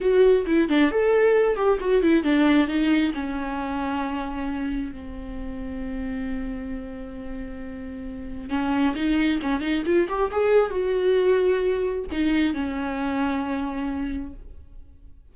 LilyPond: \new Staff \with { instrumentName = "viola" } { \time 4/4 \tempo 4 = 134 fis'4 e'8 d'8 a'4. g'8 | fis'8 e'8 d'4 dis'4 cis'4~ | cis'2. c'4~ | c'1~ |
c'2. cis'4 | dis'4 cis'8 dis'8 f'8 g'8 gis'4 | fis'2. dis'4 | cis'1 | }